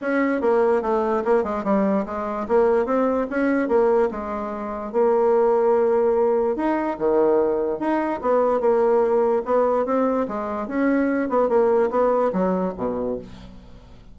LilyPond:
\new Staff \with { instrumentName = "bassoon" } { \time 4/4 \tempo 4 = 146 cis'4 ais4 a4 ais8 gis8 | g4 gis4 ais4 c'4 | cis'4 ais4 gis2 | ais1 |
dis'4 dis2 dis'4 | b4 ais2 b4 | c'4 gis4 cis'4. b8 | ais4 b4 fis4 b,4 | }